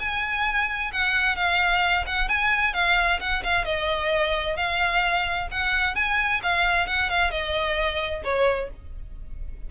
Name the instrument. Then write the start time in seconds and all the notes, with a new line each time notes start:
violin
0.00 G#5
0.93 F#5
1.36 F5
2.07 F#5
2.29 G#5
2.74 F5
3.20 F#5
3.44 F5
3.65 D#5
4.57 F5
5.51 F#5
5.95 G#5
6.43 F5
6.87 F#5
7.10 F5
7.31 D#5
8.24 C#5